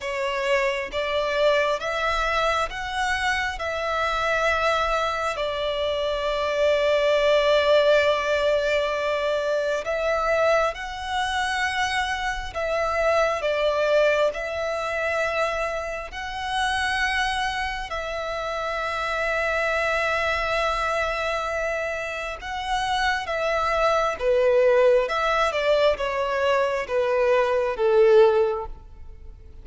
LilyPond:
\new Staff \with { instrumentName = "violin" } { \time 4/4 \tempo 4 = 67 cis''4 d''4 e''4 fis''4 | e''2 d''2~ | d''2. e''4 | fis''2 e''4 d''4 |
e''2 fis''2 | e''1~ | e''4 fis''4 e''4 b'4 | e''8 d''8 cis''4 b'4 a'4 | }